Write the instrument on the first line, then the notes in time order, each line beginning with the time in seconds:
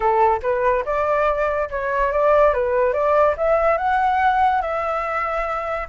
flute
0.00 A4
0.42 B4
0.85 D5
1.70 C#5
2.12 D5
2.53 B4
2.93 D5
3.37 E5
3.77 F#5
4.61 E5